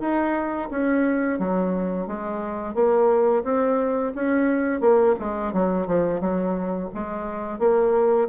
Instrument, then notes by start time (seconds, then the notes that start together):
bassoon
0.00 D#4
0.71 C#4
1.39 F#3
2.07 G#3
2.75 A#3
3.44 C4
4.15 C#4
4.81 A#3
5.19 G#3
5.53 F#3
5.87 F3
6.20 F#3
6.94 G#3
7.59 A#3